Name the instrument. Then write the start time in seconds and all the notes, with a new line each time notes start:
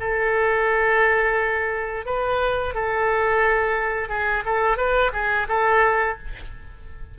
oboe
0.00 A4
2.06 B4
2.74 A4
4.09 G#4
4.45 A4
4.77 B4
5.13 G#4
5.48 A4